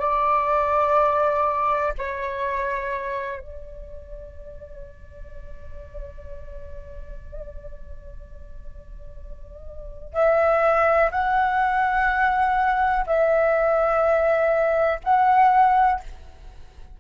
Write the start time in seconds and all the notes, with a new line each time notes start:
0.00 D5
1.99 C#5
3.40 D5
10.13 E5
11.12 F#5
13.07 E5
15.04 F#5